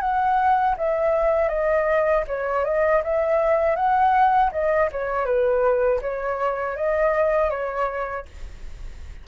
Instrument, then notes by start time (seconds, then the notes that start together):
flute
0.00 F#5
0.77 E5
1.48 D#5
2.27 C#5
2.64 D#5
3.04 E5
3.75 F#5
4.51 D#5
4.92 C#5
5.25 B4
6.01 C#5
6.76 D#5
7.50 C#5